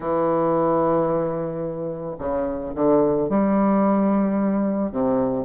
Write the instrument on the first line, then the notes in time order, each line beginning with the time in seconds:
bassoon
0.00 E3
2.18 C#3
2.74 D3
3.29 G3
4.91 C3